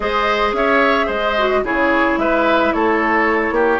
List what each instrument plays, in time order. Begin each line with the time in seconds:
0.00 bassoon G#3, clarinet G#4, oboe C5, flute D#5
0.52 bassoon C#4, oboe C#5, flute E5
1.06 bassoon G#3, oboe C5, flute D#5
1.37 clarinet F#4
1.63 bassoon C#3, clarinet E4, oboe G#4, flute C#5
2.17 bassoon G#3, oboe B4, flute E5
2.72 bassoon A3, oboe A4, flute C#5
3.50 bassoon A#3, oboe G4